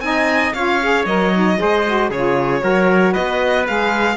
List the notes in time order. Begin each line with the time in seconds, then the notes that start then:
0.00 C4 D#4 D#5 G#5
0.54 C#4 F4 C#5 F5
0.83 G#4
1.06 F#3 A#4 D#5
1.34 D#4
1.58 G#3 G#4 C5
1.87 F#4
2.10 C#3 F4 G#4 C#5
2.61 F#3 F#4 A#4
3.13 B3 B4 D#5
3.67 G#3 G#4 F5